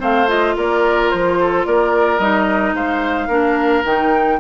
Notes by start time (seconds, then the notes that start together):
0.00 A3 C4 C5 F5
0.28 F4 D#5
0.57 A#3 A#4 D5
1.10 F3 C5
1.40 A4
1.66 A#3 A#4 D5
2.19 G3 D#4 D#5
2.74 G#3 C5 F5
3.28 A#3 D4 A#4
3.85 D#3 D#4 G5